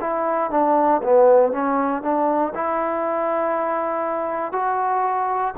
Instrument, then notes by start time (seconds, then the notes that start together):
trombone
0.00 E4
0.50 D4
1.03 B3
1.52 C#4
2.02 D4
2.54 E4
4.52 F#4